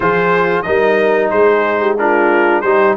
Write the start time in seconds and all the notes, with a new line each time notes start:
0.00 F3 F4 G#4 C5
0.62 G3 D#4 A#4 D#5
1.30 G#3 G#4 C5
1.80 G4
1.98 D4 F4 A#4
2.61 G3 D#4 G4 C5